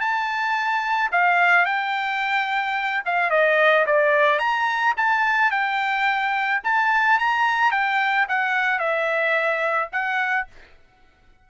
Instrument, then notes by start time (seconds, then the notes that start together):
trumpet
0.00 A5
1.12 F5
1.65 G5
3.05 F5
3.30 D#5
3.86 D5
4.39 A#5
4.97 A5
5.51 G5
6.64 A5
7.19 A#5
7.71 G5
8.28 F#5
8.79 E5
9.92 F#5